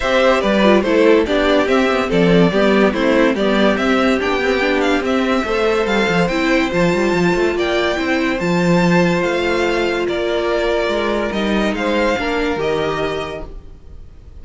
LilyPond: <<
  \new Staff \with { instrumentName = "violin" } { \time 4/4 \tempo 4 = 143 e''4 d''4 c''4 d''4 | e''4 d''2 c''4 | d''4 e''4 g''4. f''8 | e''2 f''4 g''4 |
a''2 g''2 | a''2 f''2 | d''2. dis''4 | f''2 dis''2 | }
  \new Staff \with { instrumentName = "violin" } { \time 4/4 c''4 b'4 a'4 g'4~ | g'4 a'4 g'4 e'4 | g'1~ | g'4 c''2.~ |
c''2 d''4 c''4~ | c''1 | ais'1 | c''4 ais'2. | }
  \new Staff \with { instrumentName = "viola" } { \time 4/4 g'4. f'8 e'4 d'4 | c'8 b8 c'4 b4 c'4 | b4 c'4 d'8 c'8 d'4 | c'4 a'2 e'4 |
f'2. e'4 | f'1~ | f'2. dis'4~ | dis'4 d'4 g'2 | }
  \new Staff \with { instrumentName = "cello" } { \time 4/4 c'4 g4 a4 b4 | c'4 f4 g4 a4 | g4 c'4 b2 | c'4 a4 g8 f8 c'4 |
f8 g8 f8 a8 ais4 c'4 | f2 a2 | ais2 gis4 g4 | gis4 ais4 dis2 | }
>>